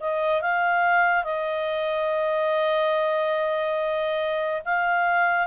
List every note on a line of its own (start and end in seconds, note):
0.00 0.41 D#5
0.41 1.23 F5
1.23 4.61 D#5
4.65 5.47 F5